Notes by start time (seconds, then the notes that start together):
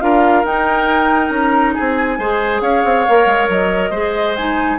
0.00 D4 F4 A#4 F5
0.43 D#4 G5
1.30 C#4 A#5
1.74 C4 G#4 G#5
2.18 G#3 G#4 C5
2.61 C#4 C#5 F5
2.84 C4
3.08 A#3 A#4
3.26 G#3
3.49 F#3 D#5
3.90 G#3 G#4 C5
4.36 D#4 G#5